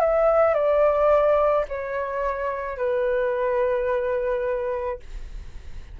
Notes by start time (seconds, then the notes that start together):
0.00 E5
0.54 D5
1.68 C#5
2.77 B4